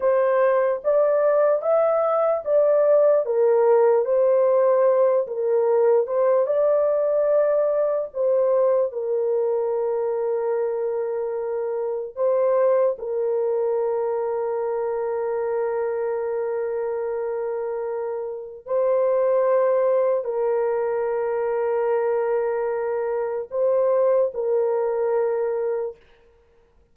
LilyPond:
\new Staff \with { instrumentName = "horn" } { \time 4/4 \tempo 4 = 74 c''4 d''4 e''4 d''4 | ais'4 c''4. ais'4 c''8 | d''2 c''4 ais'4~ | ais'2. c''4 |
ais'1~ | ais'2. c''4~ | c''4 ais'2.~ | ais'4 c''4 ais'2 | }